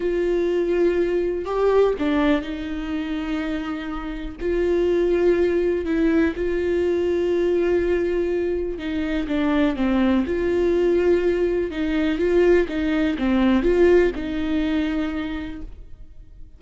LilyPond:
\new Staff \with { instrumentName = "viola" } { \time 4/4 \tempo 4 = 123 f'2. g'4 | d'4 dis'2.~ | dis'4 f'2. | e'4 f'2.~ |
f'2 dis'4 d'4 | c'4 f'2. | dis'4 f'4 dis'4 c'4 | f'4 dis'2. | }